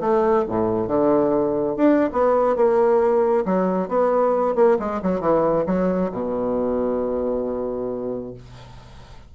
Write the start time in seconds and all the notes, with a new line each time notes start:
0.00 A3
0.48 A2
0.87 D3
1.76 D4
2.12 B3
2.56 A#3
3.45 F#3
3.88 B3
4.55 A#3
4.79 G#3
5.02 F#3
5.20 E3
5.66 F#3
6.11 B2